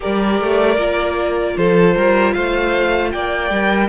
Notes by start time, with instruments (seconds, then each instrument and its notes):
0.00 cello G3, viola G4, violin A#4 D5
0.41 cello A3
0.77 cello A#3, viola F4
1.57 cello F3, violin A4 C5
1.95 cello G3, violin A#4
2.33 cello A3, violin C5 F5
3.11 cello A#3, violin D5 G5
3.50 cello G3, viola A#4